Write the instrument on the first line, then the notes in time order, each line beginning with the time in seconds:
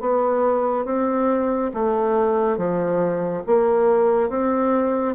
bassoon
0.00 B3
0.85 C4
1.73 A3
2.57 F3
3.46 A#3
4.29 C4